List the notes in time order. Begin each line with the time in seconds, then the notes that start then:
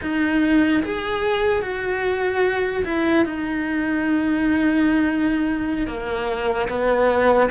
0.01 D#4
0.83 G#4
1.61 F#4
2.84 E4
3.25 D#4
5.87 A#3
6.68 B3